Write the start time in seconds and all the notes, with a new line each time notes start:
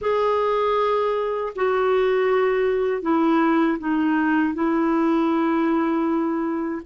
0.01 G#4
1.55 F#4
3.02 E4
3.78 D#4
4.54 E4